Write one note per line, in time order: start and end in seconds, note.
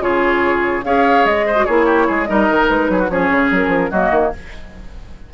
0.00 0.82 C#3
0.00 0.83 F4
0.00 0.85 G#4
0.00 0.84 C#5
0.84 1.24 C#4
0.84 1.55 G#4
0.84 1.46 C#5
0.84 1.25 F5
1.24 1.65 G#3
1.24 1.65 D#5
1.46 1.65 C5
1.55 1.65 F#4
1.65 2.09 A#3
1.65 2.26 E4
1.65 1.85 G#4
1.65 2.24 C#5
1.85 2.06 G4
2.07 2.29 G#3
2.07 2.28 G#4
2.24 2.49 G3
2.24 3.09 D#4
2.24 2.91 A#4
2.24 2.65 D#5
2.49 2.69 D#3
2.69 2.89 G#3
2.69 3.09 B4
2.89 3.09 F#3
2.89 2.99 G#4
2.99 3.09 F#4
3.09 3.29 F3
3.09 3.92 C#4
3.09 3.90 G#4
3.09 3.50 C#5
3.30 3.51 C#3
3.51 3.67 F#3
3.51 3.91 A#4
3.67 3.88 F3
3.90 4.10 F#3
3.90 4.33 A#3
3.90 4.31 F#4
3.90 4.32 D#5
4.10 4.31 D#3